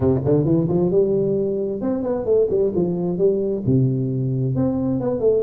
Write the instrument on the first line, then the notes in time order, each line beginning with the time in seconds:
tuba
0.00 C3
0.25 D3
0.44 E3
0.68 F3
0.90 G3
1.81 C4
2.02 B3
2.25 A3
2.49 G3
2.75 F3
3.17 G3
3.66 C3
4.55 C4
5.00 B3
5.19 A3